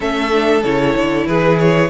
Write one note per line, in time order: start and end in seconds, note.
0.00 0.63 A3
0.00 0.30 C#4
0.00 1.27 A4
0.00 0.63 E5
0.31 0.63 D4
0.63 0.95 C#3
0.63 1.90 E4
0.63 1.26 C#5
0.96 1.26 D3
1.26 1.90 E3
1.26 1.90 G#4
1.26 1.58 B4
1.58 1.90 C#5